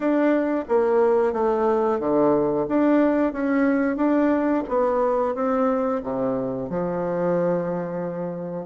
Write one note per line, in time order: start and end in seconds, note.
0.00 0.65 D4
0.68 1.32 A#3
1.32 1.99 A3
1.99 2.66 D3
2.68 3.32 D4
3.32 3.96 C#4
3.96 4.63 D4
4.68 5.34 B3
5.34 6.01 C4
6.03 6.69 C3
6.69 8.65 F3